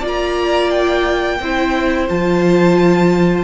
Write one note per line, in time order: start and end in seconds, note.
0.00 1.39 A#3
0.00 1.39 F4
0.00 1.36 D5
0.07 0.70 A#5
0.70 2.06 G5
1.39 2.08 C4
1.39 2.09 E4
1.39 3.44 C5
2.09 3.44 F3
2.09 3.44 F4
2.09 3.44 A5